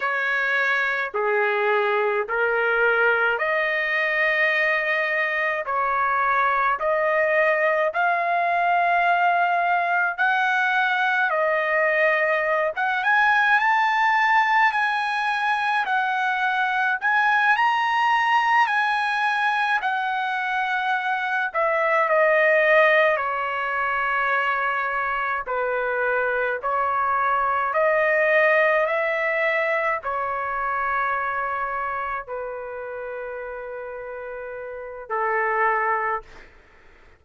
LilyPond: \new Staff \with { instrumentName = "trumpet" } { \time 4/4 \tempo 4 = 53 cis''4 gis'4 ais'4 dis''4~ | dis''4 cis''4 dis''4 f''4~ | f''4 fis''4 dis''4~ dis''16 fis''16 gis''8 | a''4 gis''4 fis''4 gis''8 ais''8~ |
ais''8 gis''4 fis''4. e''8 dis''8~ | dis''8 cis''2 b'4 cis''8~ | cis''8 dis''4 e''4 cis''4.~ | cis''8 b'2~ b'8 a'4 | }